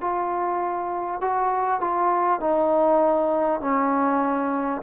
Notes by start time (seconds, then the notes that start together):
0.00 F4
1.20 F#4
1.80 F4
2.40 D#4
3.60 C#4